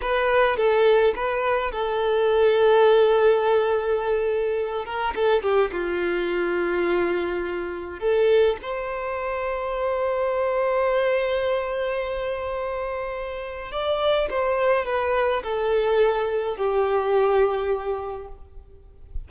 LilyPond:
\new Staff \with { instrumentName = "violin" } { \time 4/4 \tempo 4 = 105 b'4 a'4 b'4 a'4~ | a'1~ | a'8 ais'8 a'8 g'8 f'2~ | f'2 a'4 c''4~ |
c''1~ | c''1 | d''4 c''4 b'4 a'4~ | a'4 g'2. | }